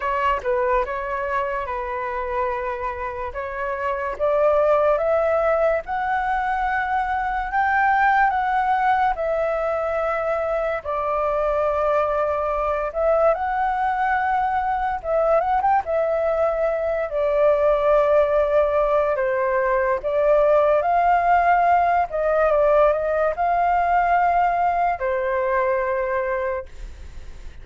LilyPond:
\new Staff \with { instrumentName = "flute" } { \time 4/4 \tempo 4 = 72 cis''8 b'8 cis''4 b'2 | cis''4 d''4 e''4 fis''4~ | fis''4 g''4 fis''4 e''4~ | e''4 d''2~ d''8 e''8 |
fis''2 e''8 fis''16 g''16 e''4~ | e''8 d''2~ d''8 c''4 | d''4 f''4. dis''8 d''8 dis''8 | f''2 c''2 | }